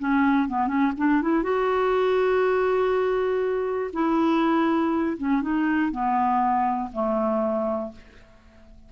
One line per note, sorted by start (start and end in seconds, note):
0.00 0.49 C#4
0.49 0.68 B3
0.68 0.93 C#4
0.98 1.22 D4
1.22 1.44 E4
1.44 3.92 F#4
3.94 5.18 E4
5.18 5.42 C#4
5.42 5.92 D#4
5.92 6.91 B3
6.93 7.92 A3